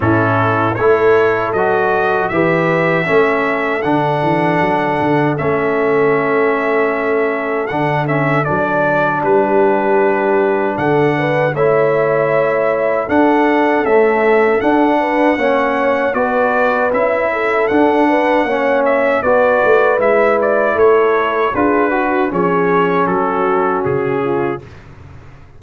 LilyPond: <<
  \new Staff \with { instrumentName = "trumpet" } { \time 4/4 \tempo 4 = 78 a'4 cis''4 dis''4 e''4~ | e''4 fis''2 e''4~ | e''2 fis''8 e''8 d''4 | b'2 fis''4 e''4~ |
e''4 fis''4 e''4 fis''4~ | fis''4 d''4 e''4 fis''4~ | fis''8 e''8 d''4 e''8 d''8 cis''4 | b'4 cis''4 a'4 gis'4 | }
  \new Staff \with { instrumentName = "horn" } { \time 4/4 e'4 a'2 b'4 | a'1~ | a'1 | g'2 a'8 b'8 cis''4~ |
cis''4 a'2~ a'8 b'8 | cis''4 b'4. a'4 b'8 | cis''4 b'2 a'4 | gis'8 fis'8 gis'4 fis'4. f'8 | }
  \new Staff \with { instrumentName = "trombone" } { \time 4/4 cis'4 e'4 fis'4 g'4 | cis'4 d'2 cis'4~ | cis'2 d'8 cis'8 d'4~ | d'2. e'4~ |
e'4 d'4 a4 d'4 | cis'4 fis'4 e'4 d'4 | cis'4 fis'4 e'2 | f'8 fis'8 cis'2. | }
  \new Staff \with { instrumentName = "tuba" } { \time 4/4 a,4 a4 fis4 e4 | a4 d8 e8 fis8 d8 a4~ | a2 d4 fis4 | g2 d4 a4~ |
a4 d'4 cis'4 d'4 | ais4 b4 cis'4 d'4 | ais4 b8 a8 gis4 a4 | d'4 f4 fis4 cis4 | }
>>